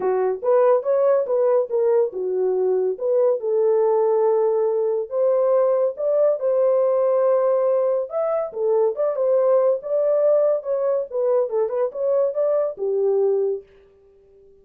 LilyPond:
\new Staff \with { instrumentName = "horn" } { \time 4/4 \tempo 4 = 141 fis'4 b'4 cis''4 b'4 | ais'4 fis'2 b'4 | a'1 | c''2 d''4 c''4~ |
c''2. e''4 | a'4 d''8 c''4. d''4~ | d''4 cis''4 b'4 a'8 b'8 | cis''4 d''4 g'2 | }